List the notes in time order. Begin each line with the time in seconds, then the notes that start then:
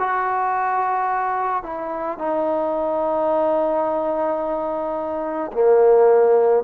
0.00 F#4
1.64 E4
2.19 D#4
5.53 A#3